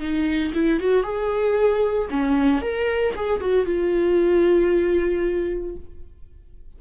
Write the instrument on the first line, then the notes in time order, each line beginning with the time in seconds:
viola
0.00 D#4
0.54 E4
0.80 F#4
1.03 G#4
2.10 C#4
2.62 A#4
3.16 G#4
3.40 F#4
3.66 F4